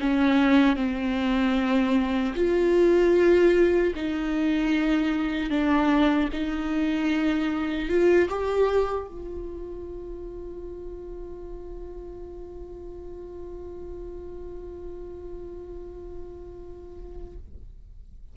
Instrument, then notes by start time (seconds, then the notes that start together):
viola
0.00 C#4
0.76 C4
2.35 F4
3.95 D#4
5.50 D4
6.32 D#4
7.89 F4
8.29 G4
9.07 F4